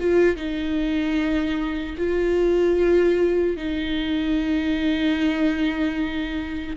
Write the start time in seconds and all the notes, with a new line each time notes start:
0.00 F4
0.36 D#4
1.98 F4
3.57 D#4